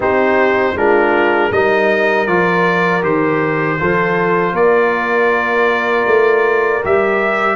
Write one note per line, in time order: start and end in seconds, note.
0.00 0.74 C4
0.00 0.75 D#4
0.00 0.76 G4
0.00 0.77 C5
0.75 1.50 G#3
0.75 1.52 D4
0.75 1.51 F4
0.75 1.52 A#4
1.51 2.27 G3
1.51 2.27 D#4
1.51 3.78 A#4
1.51 2.26 D#5
2.26 3.03 F3
2.26 3.01 F4
2.26 3.02 D5
3.01 3.79 D#3
3.01 3.77 G4
3.01 4.55 C5
3.78 4.52 F3
3.78 6.82 F4
3.78 4.52 A4
4.52 6.04 A#3
4.52 7.56 A#4
4.52 6.83 D5
6.06 6.82 A3
6.84 7.56 G3
6.84 7.56 G4
6.84 7.56 E5